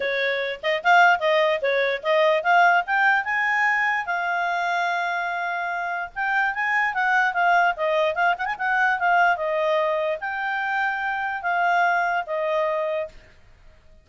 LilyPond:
\new Staff \with { instrumentName = "clarinet" } { \time 4/4 \tempo 4 = 147 cis''4. dis''8 f''4 dis''4 | cis''4 dis''4 f''4 g''4 | gis''2 f''2~ | f''2. g''4 |
gis''4 fis''4 f''4 dis''4 | f''8 fis''16 gis''16 fis''4 f''4 dis''4~ | dis''4 g''2. | f''2 dis''2 | }